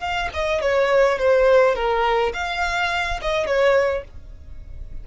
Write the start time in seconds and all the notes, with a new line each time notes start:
0.00 F5
0.34 D#5
0.61 C#5
1.18 C5
1.75 A#4
2.33 F5
3.22 D#5
3.46 C#5